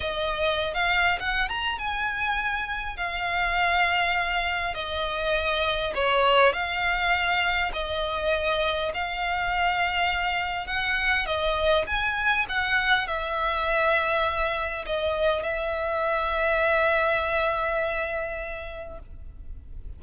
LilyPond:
\new Staff \with { instrumentName = "violin" } { \time 4/4 \tempo 4 = 101 dis''4~ dis''16 f''8. fis''8 ais''8 gis''4~ | gis''4 f''2. | dis''2 cis''4 f''4~ | f''4 dis''2 f''4~ |
f''2 fis''4 dis''4 | gis''4 fis''4 e''2~ | e''4 dis''4 e''2~ | e''1 | }